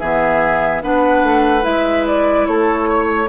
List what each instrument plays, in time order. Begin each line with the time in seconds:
0.00 bassoon E3, clarinet B3, oboe G#4, flute E5
0.83 bassoon B3, clarinet D4, oboe B4, flute F#5
1.24 bassoon A3
1.62 bassoon G#3, clarinet E4, flute E5
2.07 flute D5
2.47 bassoon A3, oboe A4, flute C#5
2.90 oboe C#5